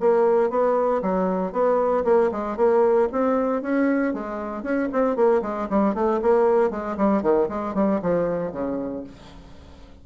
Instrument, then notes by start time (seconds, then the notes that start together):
bassoon
0.00 A#3
0.50 B3
1.02 F#3
1.53 B3
2.05 A#3
2.32 G#3
2.57 A#3
3.12 C4
3.62 C#4
4.14 G#3
4.63 C#4
4.93 C4
5.16 A#3
5.42 G#3
5.70 G3
5.95 A3
6.22 A#3
6.71 G#3
6.98 G3
7.22 D#3
7.49 G#3
7.75 G3
8.02 F3
8.52 C#3